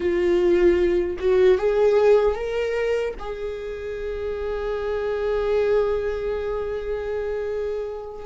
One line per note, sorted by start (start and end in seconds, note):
0.00 1.17 F4
1.18 1.58 F#4
1.58 2.35 G#4
2.35 3.14 A#4
3.19 8.25 G#4